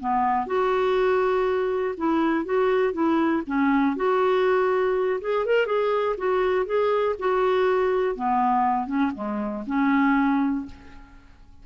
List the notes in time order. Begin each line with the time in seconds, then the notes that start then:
0.00 B3
0.46 F#4
1.97 E4
2.45 F#4
2.93 E4
3.46 C#4
3.96 F#4
5.21 G#4
5.45 A#4
5.66 G#4
6.17 F#4
6.66 G#4
7.19 F#4
8.15 B3
8.86 C#4
9.14 G#3
9.66 C#4